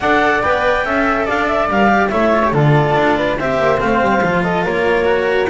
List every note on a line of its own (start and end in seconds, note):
0.00 0.43 D4
0.00 0.43 A4
0.00 0.85 D5
0.00 0.42 F#5
0.42 0.85 B3
0.42 0.85 B4
0.42 1.27 G5
0.85 1.27 C#4
0.85 1.69 A4
0.85 1.25 E5
1.25 1.68 D4
1.25 2.10 D5
1.25 1.47 F5
1.47 1.68 E5
1.68 2.11 G3
1.68 1.87 A#4
1.68 2.08 F5
1.87 2.08 G4
2.08 2.52 A3
2.08 2.32 E4
2.08 2.53 C#5
2.08 2.51 E5
2.32 2.43 F4
2.44 2.53 G4
2.52 2.94 D3
2.52 3.38 F4
2.52 3.16 A4
2.52 3.38 D5
2.95 3.37 D4
3.16 3.37 B4
3.37 3.58 C4
3.37 3.77 G4
3.37 4.43 C5
3.37 3.80 E5
3.58 3.80 A#3
3.77 4.00 A3
3.77 4.20 C4
3.77 4.43 F5
4.00 4.21 G3
4.21 4.66 F3
4.21 5.04 F4
4.43 4.64 A4
4.43 4.64 D#5
4.64 5.49 A#3
4.64 5.49 A#4
4.64 5.49 C#5
5.04 5.47 F#4